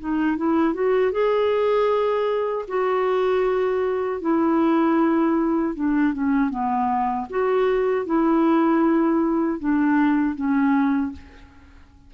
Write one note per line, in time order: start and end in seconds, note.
0.00 0.37 D#4
0.37 0.74 E4
0.74 1.12 F#4
1.12 2.66 G#4
2.68 4.21 F#4
4.21 5.75 E4
5.76 6.14 D4
6.14 6.50 C#4
6.50 7.27 B3
7.30 8.06 F#4
8.06 9.60 E4
9.60 10.36 D4
10.36 11.13 C#4